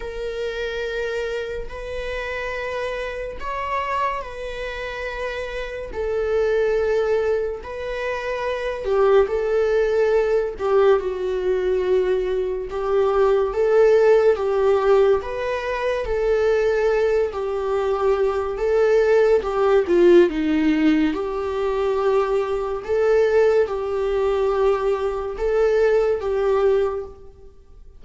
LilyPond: \new Staff \with { instrumentName = "viola" } { \time 4/4 \tempo 4 = 71 ais'2 b'2 | cis''4 b'2 a'4~ | a'4 b'4. g'8 a'4~ | a'8 g'8 fis'2 g'4 |
a'4 g'4 b'4 a'4~ | a'8 g'4. a'4 g'8 f'8 | dis'4 g'2 a'4 | g'2 a'4 g'4 | }